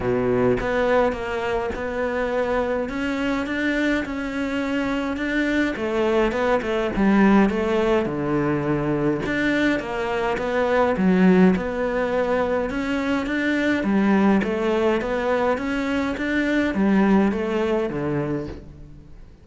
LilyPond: \new Staff \with { instrumentName = "cello" } { \time 4/4 \tempo 4 = 104 b,4 b4 ais4 b4~ | b4 cis'4 d'4 cis'4~ | cis'4 d'4 a4 b8 a8 | g4 a4 d2 |
d'4 ais4 b4 fis4 | b2 cis'4 d'4 | g4 a4 b4 cis'4 | d'4 g4 a4 d4 | }